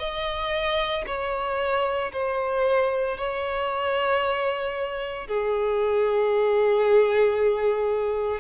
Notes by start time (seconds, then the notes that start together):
0.00 D#5
1.07 C#5
2.13 C5
3.18 C#5
5.28 G#4